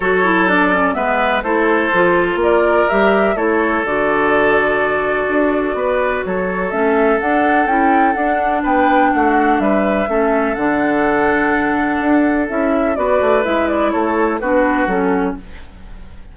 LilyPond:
<<
  \new Staff \with { instrumentName = "flute" } { \time 4/4 \tempo 4 = 125 cis''4 d''4 e''4 c''4~ | c''4 d''4 e''4 cis''4 | d''1~ | d''4 cis''4 e''4 fis''4 |
g''4 fis''4 g''4 fis''4 | e''2 fis''2~ | fis''2 e''4 d''4 | e''8 d''8 cis''4 b'4 a'4 | }
  \new Staff \with { instrumentName = "oboe" } { \time 4/4 a'2 b'4 a'4~ | a'4 ais'2 a'4~ | a'1 | b'4 a'2.~ |
a'2 b'4 fis'4 | b'4 a'2.~ | a'2. b'4~ | b'4 a'4 fis'2 | }
  \new Staff \with { instrumentName = "clarinet" } { \time 4/4 fis'8 e'8 d'8 cis'8 b4 e'4 | f'2 g'4 e'4 | fis'1~ | fis'2 cis'4 d'4 |
e'4 d'2.~ | d'4 cis'4 d'2~ | d'2 e'4 fis'4 | e'2 d'4 cis'4 | }
  \new Staff \with { instrumentName = "bassoon" } { \time 4/4 fis2 gis4 a4 | f4 ais4 g4 a4 | d2. d'4 | b4 fis4 a4 d'4 |
cis'4 d'4 b4 a4 | g4 a4 d2~ | d4 d'4 cis'4 b8 a8 | gis4 a4 b4 fis4 | }
>>